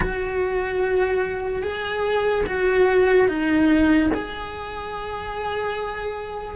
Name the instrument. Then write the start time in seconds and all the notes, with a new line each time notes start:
cello
0.00 F#4
1.62 G#4
2.46 F#4
3.28 D#4
4.14 G#4